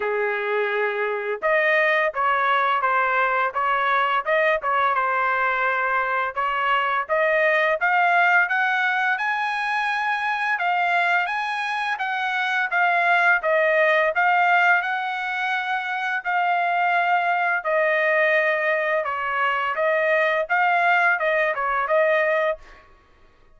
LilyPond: \new Staff \with { instrumentName = "trumpet" } { \time 4/4 \tempo 4 = 85 gis'2 dis''4 cis''4 | c''4 cis''4 dis''8 cis''8 c''4~ | c''4 cis''4 dis''4 f''4 | fis''4 gis''2 f''4 |
gis''4 fis''4 f''4 dis''4 | f''4 fis''2 f''4~ | f''4 dis''2 cis''4 | dis''4 f''4 dis''8 cis''8 dis''4 | }